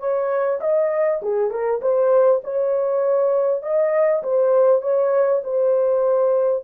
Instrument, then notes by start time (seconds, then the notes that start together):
horn
0.00 C#5
0.61 D#5
1.23 G#4
1.51 A#4
1.82 C5
2.44 C#5
3.63 D#5
4.24 C5
4.82 C#5
5.44 C5